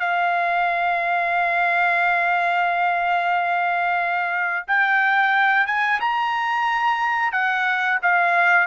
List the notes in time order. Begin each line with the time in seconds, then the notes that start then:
0.00 F5
4.67 G5
5.67 G#5
6.00 A#5
7.32 F#5
8.02 F5